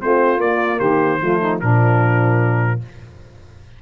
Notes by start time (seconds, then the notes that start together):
0.00 A3 C4 F4 C5
0.38 A#3 D5
0.78 D#3 G4 C5
1.21 F3 A3 F4
1.40 D#4
1.60 A#2 F3 D4 A#4